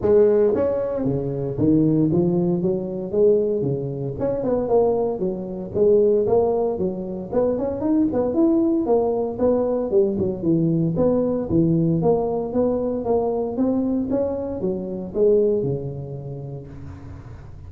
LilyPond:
\new Staff \with { instrumentName = "tuba" } { \time 4/4 \tempo 4 = 115 gis4 cis'4 cis4 dis4 | f4 fis4 gis4 cis4 | cis'8 b8 ais4 fis4 gis4 | ais4 fis4 b8 cis'8 dis'8 b8 |
e'4 ais4 b4 g8 fis8 | e4 b4 e4 ais4 | b4 ais4 c'4 cis'4 | fis4 gis4 cis2 | }